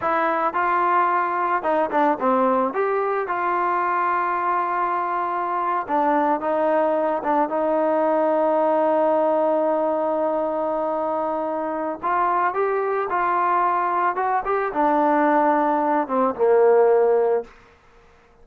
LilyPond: \new Staff \with { instrumentName = "trombone" } { \time 4/4 \tempo 4 = 110 e'4 f'2 dis'8 d'8 | c'4 g'4 f'2~ | f'2~ f'8. d'4 dis'16~ | dis'4~ dis'16 d'8 dis'2~ dis'16~ |
dis'1~ | dis'2 f'4 g'4 | f'2 fis'8 g'8 d'4~ | d'4. c'8 ais2 | }